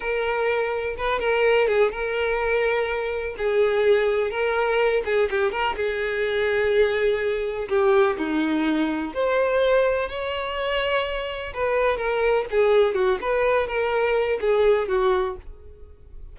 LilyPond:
\new Staff \with { instrumentName = "violin" } { \time 4/4 \tempo 4 = 125 ais'2 b'8 ais'4 gis'8 | ais'2. gis'4~ | gis'4 ais'4. gis'8 g'8 ais'8 | gis'1 |
g'4 dis'2 c''4~ | c''4 cis''2. | b'4 ais'4 gis'4 fis'8 b'8~ | b'8 ais'4. gis'4 fis'4 | }